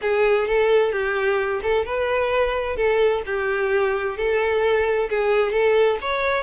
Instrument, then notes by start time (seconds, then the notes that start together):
violin
0.01 G#4
0.47 A4
0.91 G4
1.62 A4
1.85 B4
2.76 A4
3.26 G4
4.17 A4
5.09 G#4
5.52 A4
6.01 C#5